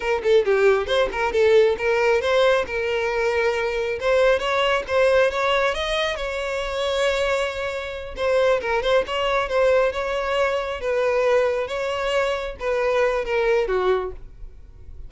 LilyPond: \new Staff \with { instrumentName = "violin" } { \time 4/4 \tempo 4 = 136 ais'8 a'8 g'4 c''8 ais'8 a'4 | ais'4 c''4 ais'2~ | ais'4 c''4 cis''4 c''4 | cis''4 dis''4 cis''2~ |
cis''2~ cis''8 c''4 ais'8 | c''8 cis''4 c''4 cis''4.~ | cis''8 b'2 cis''4.~ | cis''8 b'4. ais'4 fis'4 | }